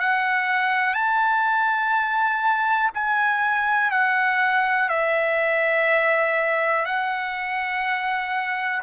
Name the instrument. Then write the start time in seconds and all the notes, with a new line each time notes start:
trumpet
0.00 F#5
0.94 A5
2.95 G#5
3.91 F#5
4.89 E5
6.86 F#5